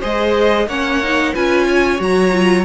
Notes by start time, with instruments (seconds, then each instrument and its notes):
0.00 cello G#3, viola G#4, violin C5 D#5
0.67 cello A#3, viola C#4, violin C#5 F#5
1.03 viola D#4
1.34 cello C#4, viola F4, violin B4 G#5
1.68 violin C#5
1.98 cello F#3, viola F#4, violin A#5
2.32 viola F4